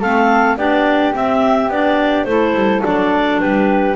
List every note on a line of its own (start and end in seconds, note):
0.00 0.57 A3
0.00 0.58 C4
0.00 0.57 A4
0.00 0.57 F5
0.57 1.13 B3
0.57 1.14 D4
0.57 2.27 G4
0.57 1.14 D5
1.14 1.70 C4
1.14 1.68 C4
1.14 1.71 E5
1.68 2.25 B3
1.68 2.27 D4
1.68 2.24 D5
2.24 2.53 A3
2.24 2.83 E4
2.24 3.41 A4
2.24 2.81 C5
2.54 2.82 G3
2.83 3.42 F#3
2.83 3.96 D4
2.83 3.40 D5
3.40 3.96 G3
3.40 3.96 G4
3.40 3.96 B4